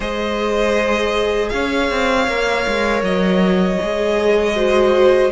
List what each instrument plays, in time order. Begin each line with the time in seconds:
0.00 cello G#3, viola G#4, violin C5 D#5
1.49 cello C#4, violin C#5 F5
1.90 cello C4
2.27 cello A#3, viola A#4
2.67 cello G#3
3.02 cello F#3, violin D#5
3.81 cello G#3, viola G#4
4.55 viola F#4, violin C5